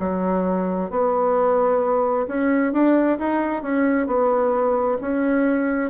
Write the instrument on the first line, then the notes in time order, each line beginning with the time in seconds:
bassoon
0.00 F#3
0.90 B3
2.28 C#4
2.73 D4
3.19 D#4
3.63 C#4
4.07 B3
5.02 C#4